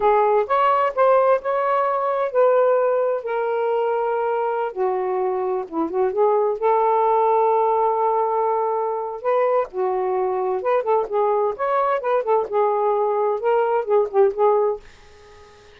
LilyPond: \new Staff \with { instrumentName = "saxophone" } { \time 4/4 \tempo 4 = 130 gis'4 cis''4 c''4 cis''4~ | cis''4 b'2 ais'4~ | ais'2~ ais'16 fis'4.~ fis'16~ | fis'16 e'8 fis'8 gis'4 a'4.~ a'16~ |
a'1 | b'4 fis'2 b'8 a'8 | gis'4 cis''4 b'8 a'8 gis'4~ | gis'4 ais'4 gis'8 g'8 gis'4 | }